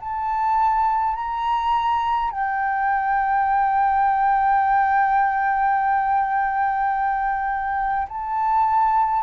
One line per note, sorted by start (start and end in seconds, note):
0.00 1.15 A5
1.15 2.31 A#5
2.31 8.08 G5
8.08 9.23 A5